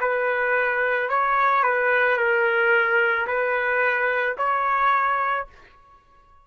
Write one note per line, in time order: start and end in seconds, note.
0.00 1.09 B4
1.09 1.63 C#5
1.63 2.17 B4
2.17 3.26 A#4
3.27 4.36 B4
4.37 5.46 C#5